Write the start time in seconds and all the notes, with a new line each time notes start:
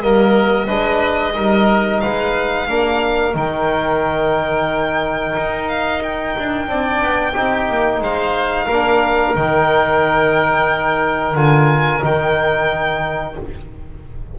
0.00 G3 A#3 A#4 D#5
0.66 G#3 D4 B4
1.34 G3 D#4 A#4
2.01 G#3 B4 F5
2.67 A#3 D4 A#4
3.34 D#3 D#4 G5
5.36 D#4
5.69 F5
6.03 G5
6.39 D4
6.66 C4 D4 D5
7.01 B3
7.32 C4 D#4 G4
7.70 A#3
8.00 G#3 C5 F5
8.66 A#3 A#4
8.72 D4
9.35 D#3 D#4 G5
11.35 D3 F4 G#5
12.01 D#3 D#4 G5